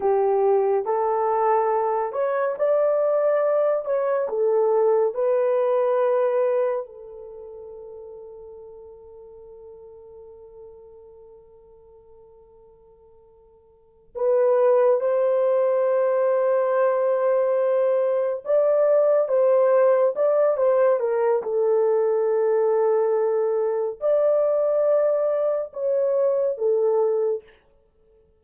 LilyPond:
\new Staff \with { instrumentName = "horn" } { \time 4/4 \tempo 4 = 70 g'4 a'4. cis''8 d''4~ | d''8 cis''8 a'4 b'2 | a'1~ | a'1~ |
a'8 b'4 c''2~ c''8~ | c''4. d''4 c''4 d''8 | c''8 ais'8 a'2. | d''2 cis''4 a'4 | }